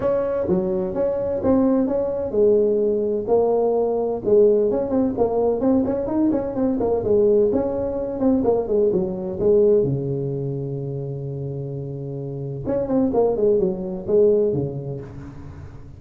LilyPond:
\new Staff \with { instrumentName = "tuba" } { \time 4/4 \tempo 4 = 128 cis'4 fis4 cis'4 c'4 | cis'4 gis2 ais4~ | ais4 gis4 cis'8 c'8 ais4 | c'8 cis'8 dis'8 cis'8 c'8 ais8 gis4 |
cis'4. c'8 ais8 gis8 fis4 | gis4 cis2.~ | cis2. cis'8 c'8 | ais8 gis8 fis4 gis4 cis4 | }